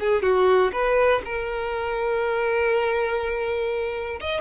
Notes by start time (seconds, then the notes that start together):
0.00 G#4
0.23 F#4
0.73 B4
1.25 A#4
4.21 D#5